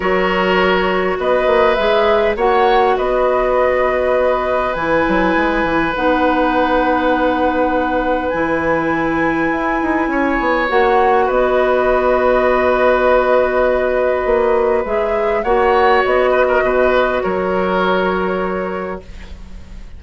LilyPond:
<<
  \new Staff \with { instrumentName = "flute" } { \time 4/4 \tempo 4 = 101 cis''2 dis''4 e''4 | fis''4 dis''2. | gis''2 fis''2~ | fis''2 gis''2~ |
gis''2 fis''4 dis''4~ | dis''1~ | dis''4 e''4 fis''4 dis''4~ | dis''4 cis''2. | }
  \new Staff \with { instrumentName = "oboe" } { \time 4/4 ais'2 b'2 | cis''4 b'2.~ | b'1~ | b'1~ |
b'4 cis''2 b'4~ | b'1~ | b'2 cis''4. b'16 ais'16 | b'4 ais'2. | }
  \new Staff \with { instrumentName = "clarinet" } { \time 4/4 fis'2. gis'4 | fis'1 | e'2 dis'2~ | dis'2 e'2~ |
e'2 fis'2~ | fis'1~ | fis'4 gis'4 fis'2~ | fis'1 | }
  \new Staff \with { instrumentName = "bassoon" } { \time 4/4 fis2 b8 ais8 gis4 | ais4 b2. | e8 fis8 gis8 e8 b2~ | b2 e2 |
e'8 dis'8 cis'8 b8 ais4 b4~ | b1 | ais4 gis4 ais4 b4 | b,4 fis2. | }
>>